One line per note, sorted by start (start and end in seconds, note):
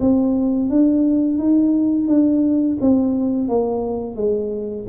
0.00 0.69 C4
0.69 1.38 D4
1.38 2.07 D#4
2.07 2.77 D4
2.80 3.48 C4
3.48 4.16 A#3
4.16 4.86 G#3